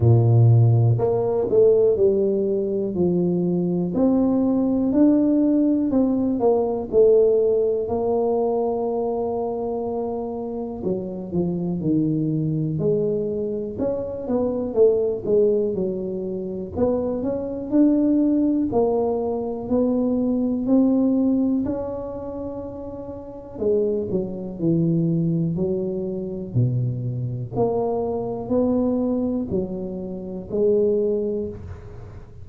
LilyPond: \new Staff \with { instrumentName = "tuba" } { \time 4/4 \tempo 4 = 61 ais,4 ais8 a8 g4 f4 | c'4 d'4 c'8 ais8 a4 | ais2. fis8 f8 | dis4 gis4 cis'8 b8 a8 gis8 |
fis4 b8 cis'8 d'4 ais4 | b4 c'4 cis'2 | gis8 fis8 e4 fis4 b,4 | ais4 b4 fis4 gis4 | }